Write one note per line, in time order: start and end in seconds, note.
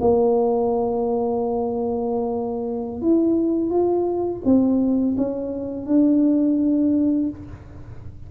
0.00 3.01 A#3
3.01 3.70 E4
3.70 4.42 F4
4.44 5.16 C4
5.17 5.86 C#4
5.86 7.29 D4